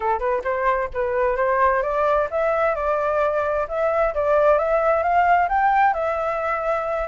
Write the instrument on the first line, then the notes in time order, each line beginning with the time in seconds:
flute
0.00 A4
0.19 B4
0.44 C5
0.93 B4
1.36 C5
1.82 D5
2.30 E5
2.75 D5
3.68 E5
4.14 D5
4.58 E5
5.02 F5
5.49 G5
5.93 E5